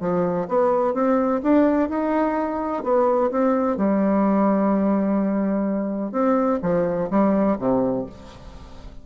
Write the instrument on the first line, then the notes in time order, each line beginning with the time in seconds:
bassoon
0.00 F3
0.48 B3
0.94 C4
1.43 D4
1.89 D#4
2.83 B3
3.31 C4
3.77 G3
6.12 C4
6.62 F3
7.10 G3
7.58 C3